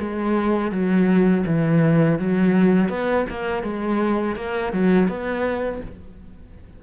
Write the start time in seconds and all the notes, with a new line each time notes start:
0.00 G#3
0.72 F#3
1.47 E3
2.20 F#3
2.90 B3
3.31 A#3
3.64 G#3
4.36 A#3
4.73 F#3
5.09 B3